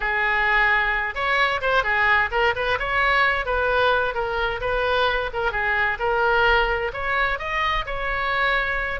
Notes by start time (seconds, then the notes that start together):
0.00 G#4
1.14 C#5
1.61 C5
1.83 G#4
2.31 A#4
2.55 B4
2.79 C#5
3.45 B4
4.14 A#4
4.60 B4
5.33 A#4
5.51 G#4
5.99 A#4
6.93 C#5
7.38 D#5
7.86 C#5